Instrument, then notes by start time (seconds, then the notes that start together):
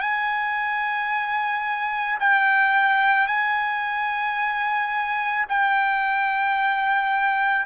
trumpet
0.00 G#5
2.20 G5
3.27 G#5
5.48 G5